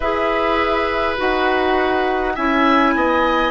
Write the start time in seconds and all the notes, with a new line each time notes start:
0.00 E4 G#4 B4 E5
1.17 D#4 F#4 F#5
2.35 C#4 E4 E5 G#5
2.95 B3 D#5